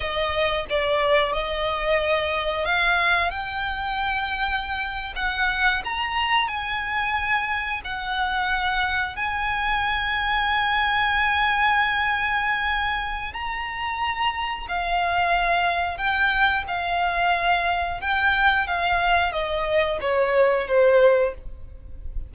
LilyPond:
\new Staff \with { instrumentName = "violin" } { \time 4/4 \tempo 4 = 90 dis''4 d''4 dis''2 | f''4 g''2~ g''8. fis''16~ | fis''8. ais''4 gis''2 fis''16~ | fis''4.~ fis''16 gis''2~ gis''16~ |
gis''1 | ais''2 f''2 | g''4 f''2 g''4 | f''4 dis''4 cis''4 c''4 | }